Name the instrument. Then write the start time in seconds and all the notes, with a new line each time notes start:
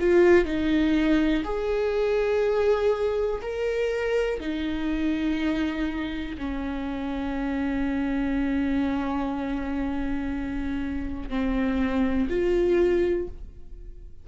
viola
0.00 F4
0.45 D#4
1.44 G#4
3.42 A#4
4.40 D#4
6.38 C#4
11.30 C4
12.30 F4